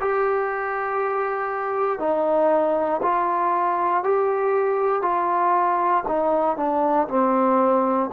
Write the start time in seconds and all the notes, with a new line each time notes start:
0.00 G4
1.99 D#4
3.02 F4
4.03 G4
5.02 F4
6.07 D#4
6.56 D4
7.08 C4